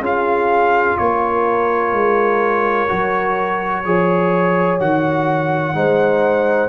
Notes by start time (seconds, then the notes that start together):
0.00 C#4 F4 G#4 F5
0.97 A#3 A#4 C#5
1.92 G#3
2.88 F#3 F#4
3.85 F3 G#4 C#5
4.80 D#3 F#4 F#5
5.74 G#3 D#4 C5